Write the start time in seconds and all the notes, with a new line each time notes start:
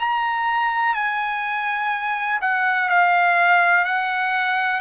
0.00 A#5
0.95 G#5
2.41 F#5
2.89 F5
3.85 F#5